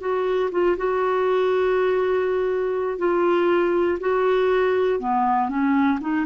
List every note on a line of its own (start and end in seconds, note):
0.00 0.50 F#4
0.51 0.76 F4
0.77 2.99 F#4
2.99 3.99 F4
4.00 5.00 F#4
5.00 5.49 B3
5.49 5.99 C#4
6.01 6.26 D#4